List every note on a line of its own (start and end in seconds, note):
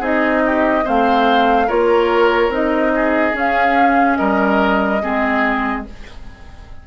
0.00 0.83 C4
0.00 0.84 D#4
0.00 0.42 G#4
0.00 0.88 D#5
0.47 0.85 G4
0.84 1.70 A3
0.84 1.68 C4
0.84 1.67 C5
0.84 1.69 F5
1.67 2.49 A#3
1.67 2.52 F4
1.67 2.92 A#4
1.67 2.53 C#5
2.49 3.33 C4
2.49 3.33 D#4
2.49 3.37 D#5
2.96 4.19 G#4
3.33 5.00 C#4
3.33 4.18 C#4
3.33 4.17 F5
4.17 5.03 G3
4.17 5.02 A#4
4.17 5.83 D#5
5.02 5.87 G#3
5.02 5.86 C4
5.02 5.86 G#4